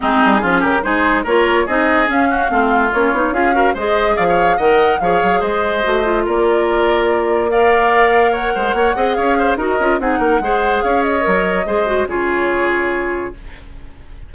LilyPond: <<
  \new Staff \with { instrumentName = "flute" } { \time 4/4 \tempo 4 = 144 gis'4. ais'8 c''4 cis''4 | dis''4 f''2 cis''4 | f''4 dis''4 f''4 fis''4 | f''4 dis''2 d''4~ |
d''2 f''2 | fis''2 f''4 dis''4 | fis''2 f''8 dis''4.~ | dis''4 cis''2. | }
  \new Staff \with { instrumentName = "oboe" } { \time 4/4 dis'4 f'8 g'8 gis'4 ais'4 | gis'4. fis'8 f'2 | gis'8 ais'8 c''4 d''16 cis''8. dis''4 | cis''4 c''2 ais'4~ |
ais'2 d''2 | cis''8 c''8 cis''8 dis''8 cis''8 c''8 ais'4 | gis'8 ais'8 c''4 cis''2 | c''4 gis'2. | }
  \new Staff \with { instrumentName = "clarinet" } { \time 4/4 c'4 cis'4 dis'4 f'4 | dis'4 cis'4 c'4 cis'8 dis'8 | f'8 fis'8 gis'2 ais'4 | gis'2 fis'8 f'4.~ |
f'2 ais'2~ | ais'4. gis'4. fis'8 f'8 | dis'4 gis'2 ais'4 | gis'8 fis'8 f'2. | }
  \new Staff \with { instrumentName = "bassoon" } { \time 4/4 gis8 g8 f8 cis8 gis4 ais4 | c'4 cis'4 a4 ais8 b8 | cis'4 gis4 f4 dis4 | f8 fis8 gis4 a4 ais4~ |
ais1~ | ais8 gis8 ais8 c'8 cis'4 dis'8 cis'8 | c'8 ais8 gis4 cis'4 fis4 | gis4 cis2. | }
>>